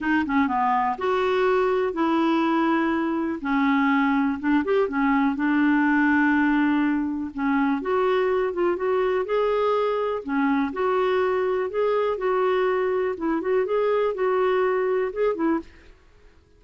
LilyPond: \new Staff \with { instrumentName = "clarinet" } { \time 4/4 \tempo 4 = 123 dis'8 cis'8 b4 fis'2 | e'2. cis'4~ | cis'4 d'8 g'8 cis'4 d'4~ | d'2. cis'4 |
fis'4. f'8 fis'4 gis'4~ | gis'4 cis'4 fis'2 | gis'4 fis'2 e'8 fis'8 | gis'4 fis'2 gis'8 e'8 | }